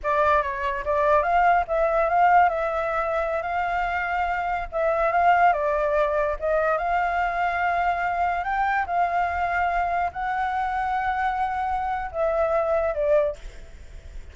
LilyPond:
\new Staff \with { instrumentName = "flute" } { \time 4/4 \tempo 4 = 144 d''4 cis''4 d''4 f''4 | e''4 f''4 e''2~ | e''16 f''2. e''8.~ | e''16 f''4 d''2 dis''8.~ |
dis''16 f''2.~ f''8.~ | f''16 g''4 f''2~ f''8.~ | f''16 fis''2.~ fis''8.~ | fis''4 e''2 d''4 | }